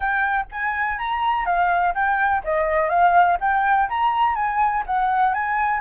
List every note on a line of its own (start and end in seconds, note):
0.00 0.45 G5
0.51 0.98 G#5
0.98 1.45 A#5
1.45 1.94 F5
1.94 2.42 G5
2.44 2.89 D#5
2.89 3.37 F5
3.40 3.88 G5
3.89 4.35 A#5
4.35 4.83 G#5
4.86 5.34 F#5
5.34 5.80 G#5